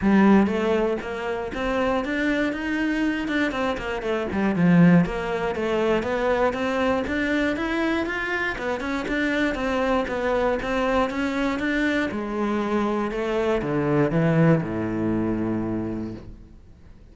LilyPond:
\new Staff \with { instrumentName = "cello" } { \time 4/4 \tempo 4 = 119 g4 a4 ais4 c'4 | d'4 dis'4. d'8 c'8 ais8 | a8 g8 f4 ais4 a4 | b4 c'4 d'4 e'4 |
f'4 b8 cis'8 d'4 c'4 | b4 c'4 cis'4 d'4 | gis2 a4 d4 | e4 a,2. | }